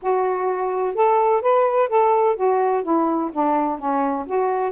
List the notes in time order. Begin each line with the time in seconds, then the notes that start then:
0.02 F#4
0.94 A4
1.41 B4
1.88 A4
2.36 F#4
2.83 E4
3.32 D4
3.79 C#4
4.26 F#4